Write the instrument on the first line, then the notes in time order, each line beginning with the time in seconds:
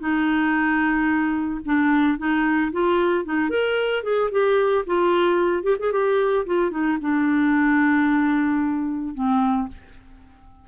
clarinet
0.00 D#4
1.66 D4
2.19 D#4
2.72 F4
3.26 D#4
3.50 A#4
4.04 G#4
4.32 G4
4.87 F4
5.63 G4
5.80 G#4
5.93 G4
6.46 F4
6.71 D#4
7.01 D4
9.15 C4